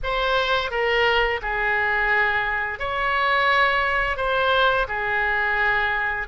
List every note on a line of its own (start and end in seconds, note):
0.03 0.70 C5
0.70 1.40 A#4
1.41 2.79 G#4
2.79 4.17 C#5
4.17 4.86 C5
4.87 6.27 G#4